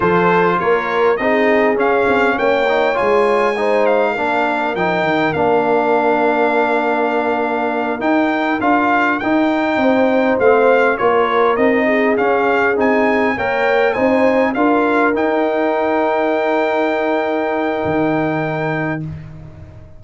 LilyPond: <<
  \new Staff \with { instrumentName = "trumpet" } { \time 4/4 \tempo 4 = 101 c''4 cis''4 dis''4 f''4 | g''4 gis''4. f''4. | g''4 f''2.~ | f''4. g''4 f''4 g''8~ |
g''4. f''4 cis''4 dis''8~ | dis''8 f''4 gis''4 g''4 gis''8~ | gis''8 f''4 g''2~ g''8~ | g''1 | }
  \new Staff \with { instrumentName = "horn" } { \time 4/4 a'4 ais'4 gis'2 | cis''2 c''4 ais'4~ | ais'1~ | ais'1~ |
ais'8 c''2 ais'4. | gis'2~ gis'8 cis''4 c''8~ | c''8 ais'2.~ ais'8~ | ais'1 | }
  \new Staff \with { instrumentName = "trombone" } { \time 4/4 f'2 dis'4 cis'4~ | cis'8 dis'8 f'4 dis'4 d'4 | dis'4 d'2.~ | d'4. dis'4 f'4 dis'8~ |
dis'4. c'4 f'4 dis'8~ | dis'8 cis'4 dis'4 ais'4 dis'8~ | dis'8 f'4 dis'2~ dis'8~ | dis'1 | }
  \new Staff \with { instrumentName = "tuba" } { \time 4/4 f4 ais4 c'4 cis'8 c'8 | ais4 gis2 ais4 | f8 dis8 ais2.~ | ais4. dis'4 d'4 dis'8~ |
dis'8 c'4 a4 ais4 c'8~ | c'8 cis'4 c'4 ais4 c'8~ | c'8 d'4 dis'2~ dis'8~ | dis'2 dis2 | }
>>